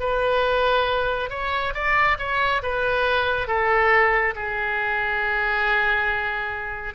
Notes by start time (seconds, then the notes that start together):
0.00 B4
1.30 C#5
1.74 D5
2.19 C#5
2.63 B4
3.48 A4
4.36 G#4